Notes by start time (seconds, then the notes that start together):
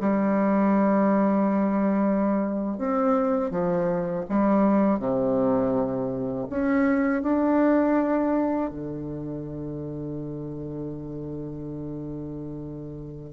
0.00 G3
2.78 C4
3.51 F3
4.29 G3
4.99 C3
6.50 C#4
7.23 D4
8.70 D3